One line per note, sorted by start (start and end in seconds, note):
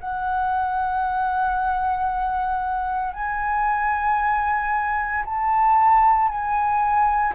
0.00 3.14 F#5
3.14 5.24 G#5
5.25 6.28 A5
6.28 7.33 G#5